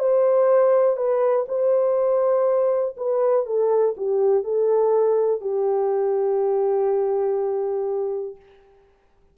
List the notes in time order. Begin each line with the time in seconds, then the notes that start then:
0.00 C5
0.97 B4
1.48 C5
2.98 B4
3.46 A4
3.97 G4
4.44 A4
5.41 G4